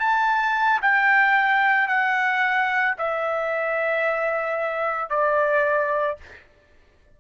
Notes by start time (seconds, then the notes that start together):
0.00 A5
0.82 G5
1.88 F#5
2.99 E5
5.10 D5